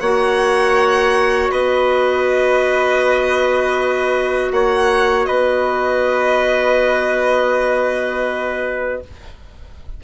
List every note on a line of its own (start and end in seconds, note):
0.00 1.50 A#3
0.00 9.03 F#4
0.00 1.51 C#5
0.00 1.50 F#5
1.51 4.51 B3
1.51 4.51 B4
1.51 4.52 D#5
4.51 5.26 A#3
4.51 5.28 C#5
4.51 5.25 F#5
5.25 9.03 B3
5.25 9.03 B4
5.25 9.00 D#5